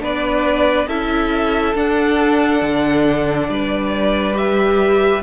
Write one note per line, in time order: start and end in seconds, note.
0.00 0.87 B3
0.00 0.87 D4
0.00 0.88 B4
0.00 0.88 D5
0.87 1.74 C#4
0.87 1.75 E4
0.87 3.49 A4
0.87 1.75 E5
1.74 2.61 D4
1.74 4.33 D4
1.74 3.49 F#5
2.62 3.48 D3
3.48 5.22 G3
3.48 5.22 B4
3.48 4.36 D5
4.33 5.20 G4
4.33 5.22 E5